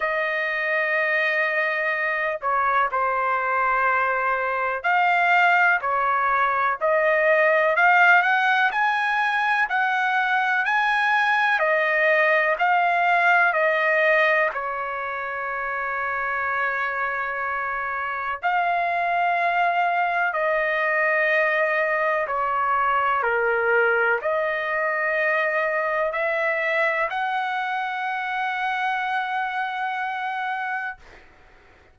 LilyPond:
\new Staff \with { instrumentName = "trumpet" } { \time 4/4 \tempo 4 = 62 dis''2~ dis''8 cis''8 c''4~ | c''4 f''4 cis''4 dis''4 | f''8 fis''8 gis''4 fis''4 gis''4 | dis''4 f''4 dis''4 cis''4~ |
cis''2. f''4~ | f''4 dis''2 cis''4 | ais'4 dis''2 e''4 | fis''1 | }